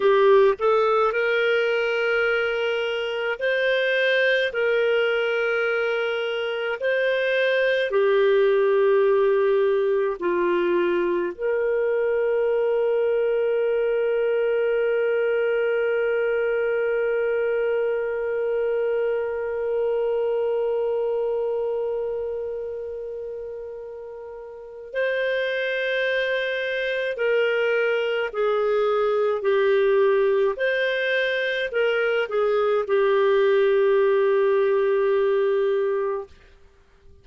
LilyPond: \new Staff \with { instrumentName = "clarinet" } { \time 4/4 \tempo 4 = 53 g'8 a'8 ais'2 c''4 | ais'2 c''4 g'4~ | g'4 f'4 ais'2~ | ais'1~ |
ais'1~ | ais'2 c''2 | ais'4 gis'4 g'4 c''4 | ais'8 gis'8 g'2. | }